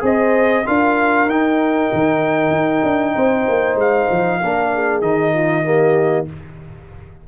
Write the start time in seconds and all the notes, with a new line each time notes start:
0.00 C4 G#4 C5 D#5
0.65 D4 F4 A#4 F5
1.26 D#4 G5
1.93 D#3
2.51 D#4
2.83 D4
3.14 C4 C5
3.49 A#3
3.76 G#3 F5
4.11 F3
4.40 A#3 D4 A#4
4.74 G#4
5.01 D#3 D#4 D#5
5.34 F4
5.64 A#3 G4